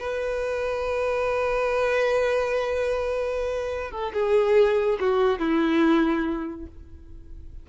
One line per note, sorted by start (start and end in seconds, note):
0.00 3.91 B4
3.91 4.13 A4
4.14 4.99 G#4
5.00 5.39 F#4
5.39 6.67 E4